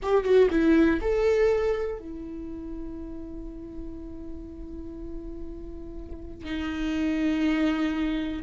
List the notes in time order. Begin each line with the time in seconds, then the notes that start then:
0.02 G4
0.24 F#4
0.50 E4
1.01 A4
1.98 E4
6.44 D#4